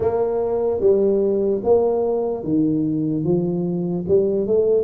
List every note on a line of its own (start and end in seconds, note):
0.00 0.80 A#3
0.80 1.61 G3
1.63 2.43 A#3
2.43 3.24 D#3
3.24 4.05 F3
4.08 4.46 G3
4.46 4.84 A3